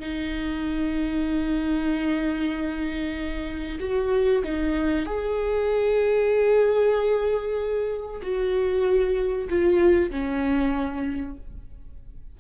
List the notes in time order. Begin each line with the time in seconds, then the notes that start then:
0.00 D#4
3.80 F#4
4.44 D#4
5.06 G#4
8.22 F#4
9.49 F4
10.11 C#4